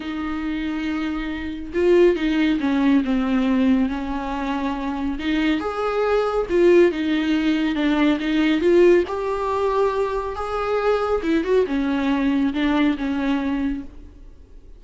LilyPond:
\new Staff \with { instrumentName = "viola" } { \time 4/4 \tempo 4 = 139 dis'1 | f'4 dis'4 cis'4 c'4~ | c'4 cis'2. | dis'4 gis'2 f'4 |
dis'2 d'4 dis'4 | f'4 g'2. | gis'2 e'8 fis'8 cis'4~ | cis'4 d'4 cis'2 | }